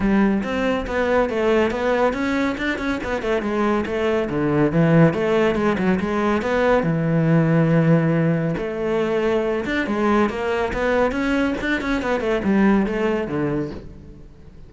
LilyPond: \new Staff \with { instrumentName = "cello" } { \time 4/4 \tempo 4 = 140 g4 c'4 b4 a4 | b4 cis'4 d'8 cis'8 b8 a8 | gis4 a4 d4 e4 | a4 gis8 fis8 gis4 b4 |
e1 | a2~ a8 d'8 gis4 | ais4 b4 cis'4 d'8 cis'8 | b8 a8 g4 a4 d4 | }